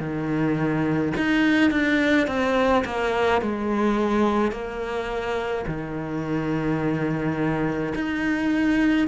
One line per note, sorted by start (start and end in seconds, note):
0.00 1.13 D#3
1.17 1.71 D#4
1.71 2.27 D4
2.27 2.84 C4
2.85 3.42 A#3
3.42 4.52 G#3
4.52 5.65 A#3
5.68 7.94 D#3
7.95 9.08 D#4